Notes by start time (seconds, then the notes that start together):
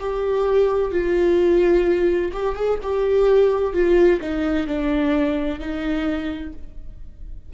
0.00 G4
0.92 F4
2.33 G4
2.56 G#4
2.83 G4
3.74 F4
4.21 D#4
4.67 D4
5.60 D#4